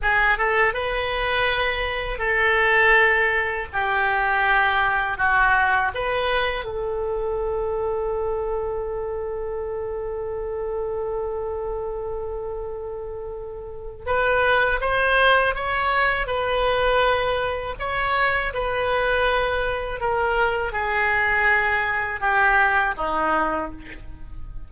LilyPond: \new Staff \with { instrumentName = "oboe" } { \time 4/4 \tempo 4 = 81 gis'8 a'8 b'2 a'4~ | a'4 g'2 fis'4 | b'4 a'2.~ | a'1~ |
a'2. b'4 | c''4 cis''4 b'2 | cis''4 b'2 ais'4 | gis'2 g'4 dis'4 | }